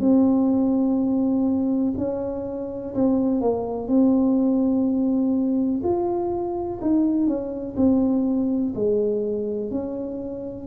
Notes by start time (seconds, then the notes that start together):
0.00 C4
1.98 C#4
2.95 C4
3.41 A#3
3.88 C4
5.83 F4
6.82 D#4
7.27 C#4
7.77 C4
8.75 G#3
9.71 C#4